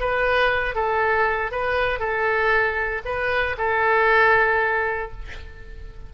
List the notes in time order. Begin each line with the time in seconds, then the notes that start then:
0.00 B4
0.75 A4
1.51 B4
1.99 A4
3.05 B4
3.58 A4